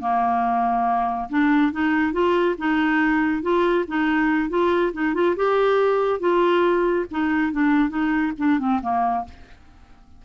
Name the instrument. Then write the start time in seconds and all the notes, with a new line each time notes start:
clarinet
0.00 A#3
1.29 D4
1.72 D#4
2.12 F4
2.58 D#4
3.42 F4
3.87 D#4
4.49 F4
4.93 D#4
5.14 F4
5.36 G4
6.19 F4
7.11 D#4
7.52 D4
7.89 D#4
8.38 D4
8.59 C4
8.81 A#3